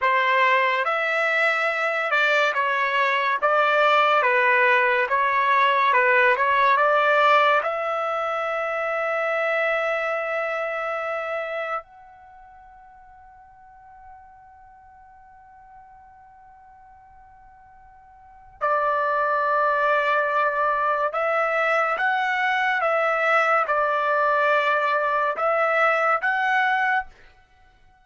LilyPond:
\new Staff \with { instrumentName = "trumpet" } { \time 4/4 \tempo 4 = 71 c''4 e''4. d''8 cis''4 | d''4 b'4 cis''4 b'8 cis''8 | d''4 e''2.~ | e''2 fis''2~ |
fis''1~ | fis''2 d''2~ | d''4 e''4 fis''4 e''4 | d''2 e''4 fis''4 | }